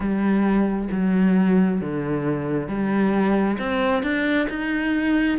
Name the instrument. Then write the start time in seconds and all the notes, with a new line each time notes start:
cello
0.00 G3
0.91 F#3
1.81 D3
2.67 G3
3.58 C4
4.02 D4
4.49 D#4